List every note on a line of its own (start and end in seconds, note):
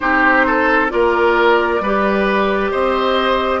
0.00 0.92 C4
0.00 0.89 D#4
0.00 0.46 G4
0.00 0.88 C5
0.46 0.91 A4
0.89 1.80 A#3
0.89 1.80 F4
0.89 1.82 A#4
0.89 2.71 D5
1.80 2.71 G3
1.80 3.60 G4
1.80 2.71 B4
2.71 3.60 C4
2.71 3.60 C5
2.71 3.60 D#5